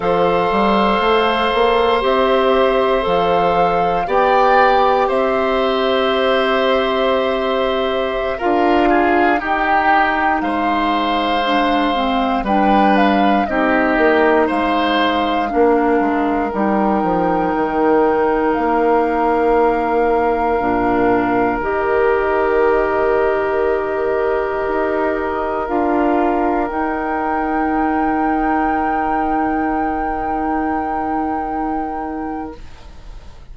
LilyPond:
<<
  \new Staff \with { instrumentName = "flute" } { \time 4/4 \tempo 4 = 59 f''2 e''4 f''4 | g''4 e''2.~ | e''16 f''4 g''4 f''4.~ f''16~ | f''16 g''8 f''8 dis''4 f''4.~ f''16~ |
f''16 g''2 f''4.~ f''16~ | f''4~ f''16 dis''2~ dis''8.~ | dis''4~ dis''16 f''4 g''4.~ g''16~ | g''1 | }
  \new Staff \with { instrumentName = "oboe" } { \time 4/4 c''1 | d''4 c''2.~ | c''16 ais'8 gis'8 g'4 c''4.~ c''16~ | c''16 b'4 g'4 c''4 ais'8.~ |
ais'1~ | ais'1~ | ais'1~ | ais'1 | }
  \new Staff \with { instrumentName = "clarinet" } { \time 4/4 a'2 g'4 a'4 | g'1~ | g'16 f'4 dis'2 d'8 c'16~ | c'16 d'4 dis'2 d'8.~ |
d'16 dis'2.~ dis'8.~ | dis'16 d'4 g'2~ g'8.~ | g'4~ g'16 f'4 dis'4.~ dis'16~ | dis'1 | }
  \new Staff \with { instrumentName = "bassoon" } { \time 4/4 f8 g8 a8 ais8 c'4 f4 | b4 c'2.~ | c'16 d'4 dis'4 gis4.~ gis16~ | gis16 g4 c'8 ais8 gis4 ais8 gis16~ |
gis16 g8 f8 dis4 ais4.~ ais16~ | ais16 ais,4 dis2~ dis8.~ | dis16 dis'4 d'4 dis'4.~ dis'16~ | dis'1 | }
>>